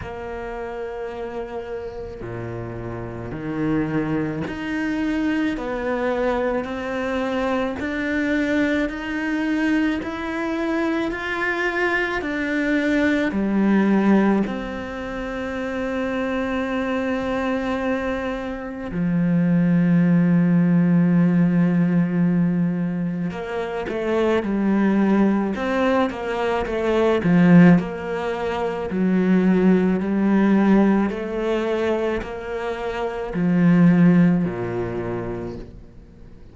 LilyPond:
\new Staff \with { instrumentName = "cello" } { \time 4/4 \tempo 4 = 54 ais2 ais,4 dis4 | dis'4 b4 c'4 d'4 | dis'4 e'4 f'4 d'4 | g4 c'2.~ |
c'4 f2.~ | f4 ais8 a8 g4 c'8 ais8 | a8 f8 ais4 fis4 g4 | a4 ais4 f4 ais,4 | }